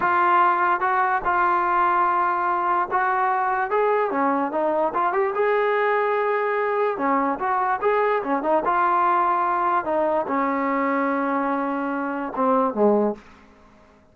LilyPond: \new Staff \with { instrumentName = "trombone" } { \time 4/4 \tempo 4 = 146 f'2 fis'4 f'4~ | f'2. fis'4~ | fis'4 gis'4 cis'4 dis'4 | f'8 g'8 gis'2.~ |
gis'4 cis'4 fis'4 gis'4 | cis'8 dis'8 f'2. | dis'4 cis'2.~ | cis'2 c'4 gis4 | }